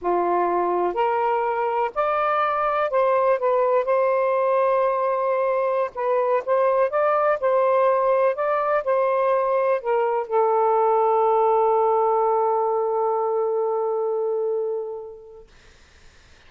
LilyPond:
\new Staff \with { instrumentName = "saxophone" } { \time 4/4 \tempo 4 = 124 f'2 ais'2 | d''2 c''4 b'4 | c''1~ | c''16 b'4 c''4 d''4 c''8.~ |
c''4~ c''16 d''4 c''4.~ c''16~ | c''16 ais'4 a'2~ a'8.~ | a'1~ | a'1 | }